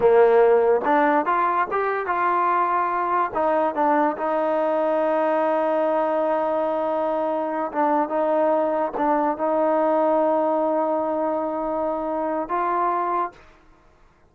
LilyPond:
\new Staff \with { instrumentName = "trombone" } { \time 4/4 \tempo 4 = 144 ais2 d'4 f'4 | g'4 f'2. | dis'4 d'4 dis'2~ | dis'1~ |
dis'2~ dis'8 d'4 dis'8~ | dis'4. d'4 dis'4.~ | dis'1~ | dis'2 f'2 | }